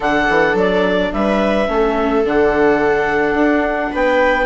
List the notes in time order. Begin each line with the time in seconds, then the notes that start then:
0.00 D3 D4 A4 F#5
0.29 E3
0.54 F#3 D5
1.12 G3 B4 E5
1.68 A3 C#4 A4
2.24 D3 D4 F#5
3.33 D4
3.91 B3 B4 G5